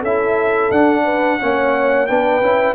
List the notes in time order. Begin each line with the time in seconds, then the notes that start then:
0.00 C#4 E4 A4 E5
0.71 D4 F#5
1.04 B4
1.39 A#3 C#4 C#5
2.07 B3 D4 B4 G5
2.41 C#4 E4